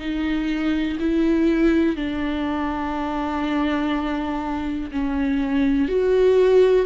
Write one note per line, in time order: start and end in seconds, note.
0.00 0.98 D#4
1.00 1.96 E4
1.96 4.91 D4
4.92 5.88 C#4
5.88 6.86 F#4